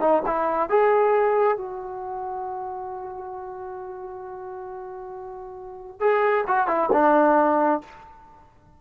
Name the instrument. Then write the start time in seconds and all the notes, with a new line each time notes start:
trombone
0.00 D#4
0.26 E4
0.69 G#4
1.57 F#4
6.00 G#4
6.47 F#4
6.67 E4
6.92 D4